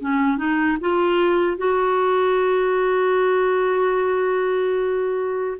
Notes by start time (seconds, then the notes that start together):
0.00 C#4
0.37 D#4
0.81 F4
1.57 F#4